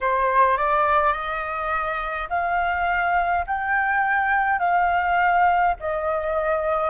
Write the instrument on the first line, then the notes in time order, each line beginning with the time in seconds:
flute
0.01 C5
0.57 D5
1.12 D#5
2.29 F5
3.46 G5
4.58 F5
5.80 D#5